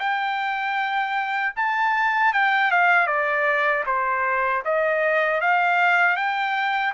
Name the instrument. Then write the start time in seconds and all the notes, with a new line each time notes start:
trumpet
0.00 G5
1.57 A5
2.34 G5
2.72 F5
3.07 D5
3.87 C5
4.65 D#5
5.41 F5
6.17 G5